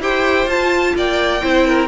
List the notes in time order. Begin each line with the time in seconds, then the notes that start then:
0.00 E4 G4 C5 G5
0.47 F4 A5
0.96 A#3 D5 G5
1.42 C4 E4 C5
1.67 A#4